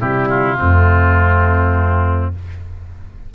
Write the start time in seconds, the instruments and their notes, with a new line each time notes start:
0.00 tuba C3, horn G3, trumpet E4, oboe G4
0.29 oboe F4
0.59 tuba F2, horn A3, trumpet C4